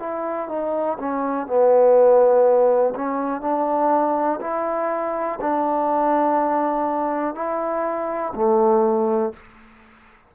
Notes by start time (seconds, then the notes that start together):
0.00 E4
0.49 D#4
0.99 C#4
1.47 B3
2.96 C#4
3.42 D4
4.41 E4
5.41 D4
7.35 E4
8.36 A3